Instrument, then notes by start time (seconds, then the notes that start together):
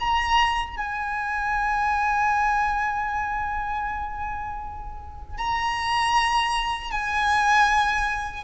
violin
0.00 A#5
0.77 G#5
5.38 A#5
6.92 G#5